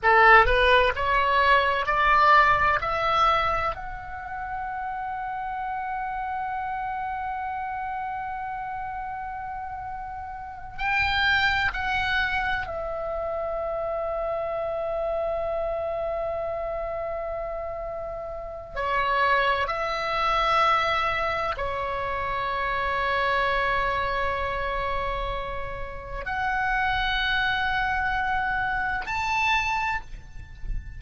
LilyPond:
\new Staff \with { instrumentName = "oboe" } { \time 4/4 \tempo 4 = 64 a'8 b'8 cis''4 d''4 e''4 | fis''1~ | fis''2.~ fis''8 g''8~ | g''8 fis''4 e''2~ e''8~ |
e''1 | cis''4 e''2 cis''4~ | cis''1 | fis''2. a''4 | }